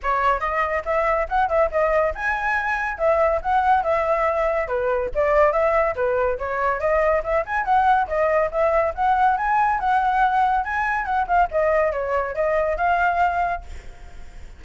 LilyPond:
\new Staff \with { instrumentName = "flute" } { \time 4/4 \tempo 4 = 141 cis''4 dis''4 e''4 fis''8 e''8 | dis''4 gis''2 e''4 | fis''4 e''2 b'4 | d''4 e''4 b'4 cis''4 |
dis''4 e''8 gis''8 fis''4 dis''4 | e''4 fis''4 gis''4 fis''4~ | fis''4 gis''4 fis''8 f''8 dis''4 | cis''4 dis''4 f''2 | }